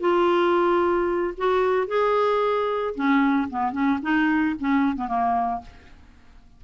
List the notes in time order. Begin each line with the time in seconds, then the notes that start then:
0.00 F4
1.37 F#4
1.87 G#4
2.95 C#4
3.50 B3
3.72 C#4
4.02 D#4
4.59 C#4
4.96 B3
5.07 A#3